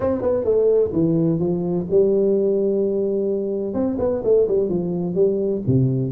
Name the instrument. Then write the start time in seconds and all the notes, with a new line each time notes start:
tuba
0.00 C4
0.21 B3
0.44 A3
0.92 E3
1.39 F3
1.90 G3
3.74 C4
3.98 B3
4.24 A3
4.48 G3
4.69 F3
5.14 G3
5.66 C3